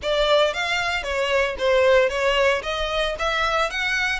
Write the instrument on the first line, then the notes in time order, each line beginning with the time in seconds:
violin
0.02 D5
0.53 F5
1.03 C#5
1.58 C5
2.09 C#5
2.62 D#5
3.18 E5
3.70 F#5